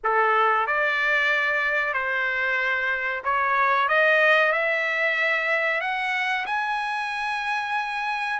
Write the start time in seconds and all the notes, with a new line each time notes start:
0.03 A4
0.66 D5
1.93 C5
3.23 C#5
3.88 D#5
4.52 E5
5.81 F#5
6.45 G#5